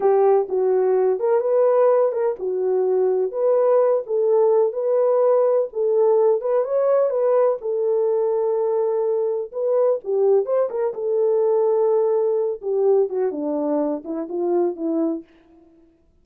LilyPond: \new Staff \with { instrumentName = "horn" } { \time 4/4 \tempo 4 = 126 g'4 fis'4. ais'8 b'4~ | b'8 ais'8 fis'2 b'4~ | b'8 a'4. b'2 | a'4. b'8 cis''4 b'4 |
a'1 | b'4 g'4 c''8 ais'8 a'4~ | a'2~ a'8 g'4 fis'8 | d'4. e'8 f'4 e'4 | }